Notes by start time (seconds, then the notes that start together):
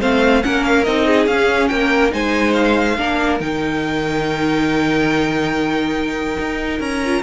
0.00 A3 C4 C5 F5
0.42 A#3 C#4 A#4 F#5
0.64 F5
0.84 C4 D#4 D#5
1.07 G#4
1.27 C#4 F5
1.68 A#3 A#4 G5
2.11 G#3 D#4 C5 G#5
2.53 F5
2.98 A#3 D4 A#4
3.40 D#3 D#4 G5
6.39 D#4
6.80 C#4 A#5
7.05 F4